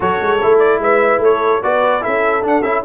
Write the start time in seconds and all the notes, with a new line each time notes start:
0.00 F#3 F#4 A4 C#5
0.20 G#3
0.42 A3 E4
0.58 D5
0.79 G#3 B4 E5
1.18 A3 A4 C#5
1.62 B3 F#4 B4 D5
2.01 C#4 E4 A4 E5
2.42 D4 F#5
2.62 C#4 E4 E5